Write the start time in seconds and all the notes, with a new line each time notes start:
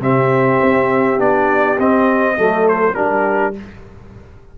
0.00 C3 C4 G4 E5
0.62 C4
1.18 B3 D4 D5
1.78 C4 D#5
2.37 F#3 A3 A4
2.68 C5
2.94 G3 D4 G4 A#4